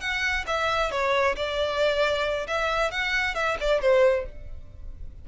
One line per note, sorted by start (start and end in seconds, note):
0.00 0.44 F#5
0.47 0.91 E5
0.91 1.36 C#5
1.36 2.47 D5
2.47 2.91 E5
2.91 3.35 F#5
3.35 3.57 E5
3.60 3.81 D5
3.81 4.25 C5